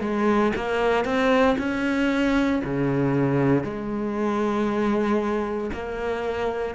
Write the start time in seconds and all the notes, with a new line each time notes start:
0.00 G#3
0.55 A#3
1.04 C4
1.58 C#4
2.64 C#3
3.63 G#3
5.73 A#3